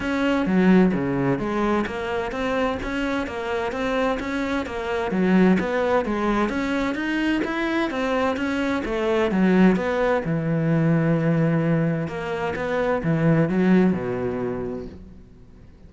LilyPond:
\new Staff \with { instrumentName = "cello" } { \time 4/4 \tempo 4 = 129 cis'4 fis4 cis4 gis4 | ais4 c'4 cis'4 ais4 | c'4 cis'4 ais4 fis4 | b4 gis4 cis'4 dis'4 |
e'4 c'4 cis'4 a4 | fis4 b4 e2~ | e2 ais4 b4 | e4 fis4 b,2 | }